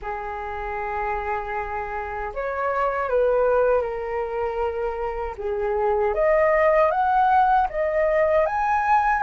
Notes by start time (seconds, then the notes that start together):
0.02 G#4
2.34 C#5
3.09 B4
3.81 A#4
5.37 G#4
6.14 D#5
6.90 F#5
7.69 D#5
8.46 G#5